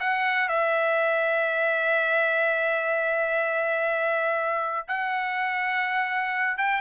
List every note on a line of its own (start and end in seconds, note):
0.00 0.48 F#5
0.48 4.87 E5
4.88 6.58 F#5
6.58 6.81 G5